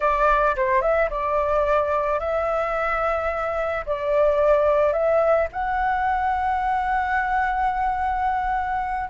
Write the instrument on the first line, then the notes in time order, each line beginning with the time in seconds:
flute
0.00 D5
0.56 C5
0.81 E5
1.10 D5
2.19 E5
3.85 D5
4.92 E5
5.52 F#5